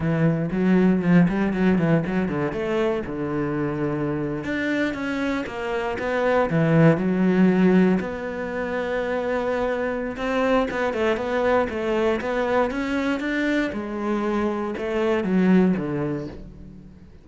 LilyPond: \new Staff \with { instrumentName = "cello" } { \time 4/4 \tempo 4 = 118 e4 fis4 f8 g8 fis8 e8 | fis8 d8 a4 d2~ | d8. d'4 cis'4 ais4 b16~ | b8. e4 fis2 b16~ |
b1 | c'4 b8 a8 b4 a4 | b4 cis'4 d'4 gis4~ | gis4 a4 fis4 d4 | }